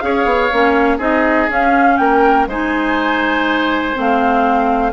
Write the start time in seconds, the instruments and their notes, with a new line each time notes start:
0.00 bassoon C#4, clarinet G#4, oboe C#5, flute F5
0.25 bassoon B3
0.53 bassoon A#3, clarinet C#4
0.98 bassoon C4, clarinet D#4, oboe G#4, flute D#5
1.49 bassoon C#4, clarinet C#4, flute F5
1.98 bassoon A#3, oboe A#4, flute G5
2.47 bassoon G#3, clarinet D#4, oboe C5, flute G#5
3.94 bassoon A3, clarinet C4, flute F5